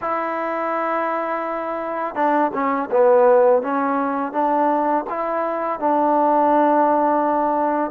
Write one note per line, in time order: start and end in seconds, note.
0.01 2.15 E4
2.15 2.51 D4
2.53 2.89 C#4
2.90 3.62 B3
3.62 4.32 C#4
4.32 5.04 D4
5.09 5.79 E4
5.79 7.91 D4